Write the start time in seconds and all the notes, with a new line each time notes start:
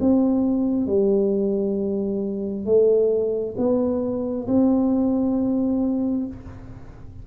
0.00 C4
0.86 G3
2.65 A3
3.57 B3
4.47 C4